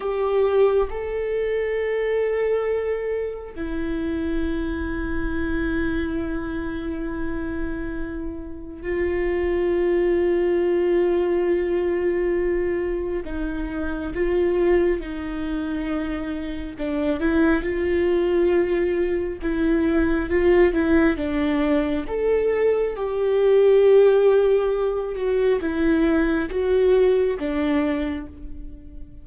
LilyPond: \new Staff \with { instrumentName = "viola" } { \time 4/4 \tempo 4 = 68 g'4 a'2. | e'1~ | e'2 f'2~ | f'2. dis'4 |
f'4 dis'2 d'8 e'8 | f'2 e'4 f'8 e'8 | d'4 a'4 g'2~ | g'8 fis'8 e'4 fis'4 d'4 | }